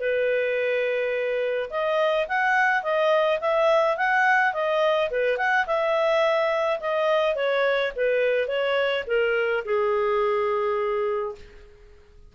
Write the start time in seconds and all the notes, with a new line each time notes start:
0.00 B4
1.70 D#5
2.28 F#5
2.83 D#5
3.41 E5
3.97 F#5
4.53 D#5
5.11 B4
5.37 F#5
5.67 E5
6.81 D#5
7.36 C#5
7.96 B4
8.48 C#5
9.07 A#4
9.65 G#4